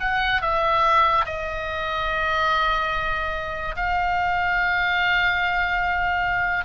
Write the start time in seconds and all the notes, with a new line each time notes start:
0.00 F#5
0.42 E5
1.25 D#5
3.76 F5